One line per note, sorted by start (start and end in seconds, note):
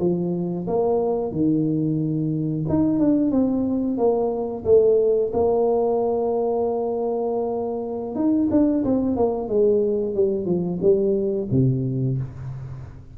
0.00 0.67 F3
0.68 1.32 A#3
1.32 2.65 D#3
2.69 3.00 D#4
3.00 3.32 D4
3.32 3.98 C4
3.98 4.65 A#3
4.65 5.32 A3
5.34 8.15 A#3
8.15 8.49 D#4
8.51 8.85 D4
8.85 9.17 C4
9.17 9.48 A#3
9.48 10.15 G#3
10.15 10.46 G3
10.46 10.79 F3
10.82 11.48 G3
11.52 12.18 C3